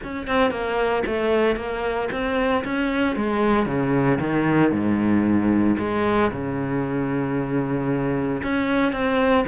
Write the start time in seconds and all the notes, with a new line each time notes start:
0.03 C#4
0.27 C4
0.50 A#3
1.06 A3
1.56 A#3
2.11 C4
2.64 C#4
3.16 G#3
3.66 C#3
4.20 D#3
4.71 G#2
5.78 G#3
6.31 C#3
8.43 C#4
8.92 C4